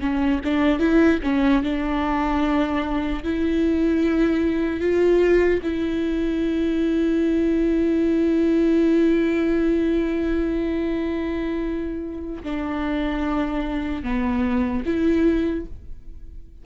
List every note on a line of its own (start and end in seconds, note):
0.00 0.40 C#4
0.44 0.79 D4
0.79 1.19 E4
1.23 1.63 C#4
1.63 3.23 D4
3.23 4.80 E4
4.80 5.60 F4
5.63 12.43 E4
12.43 14.03 D4
14.03 14.83 B3
14.85 15.65 E4